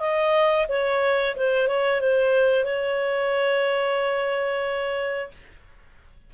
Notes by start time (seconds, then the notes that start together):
0.00 D#5
0.69 C#5
1.36 C5
1.68 C#5
2.01 C5
2.65 C#5